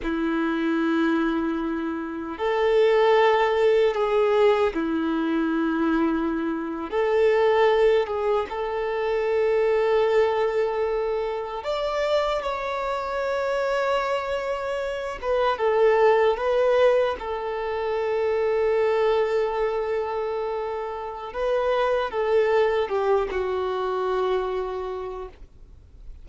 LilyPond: \new Staff \with { instrumentName = "violin" } { \time 4/4 \tempo 4 = 76 e'2. a'4~ | a'4 gis'4 e'2~ | e'8. a'4. gis'8 a'4~ a'16~ | a'2~ a'8. d''4 cis''16~ |
cis''2.~ cis''16 b'8 a'16~ | a'8. b'4 a'2~ a'16~ | a'2. b'4 | a'4 g'8 fis'2~ fis'8 | }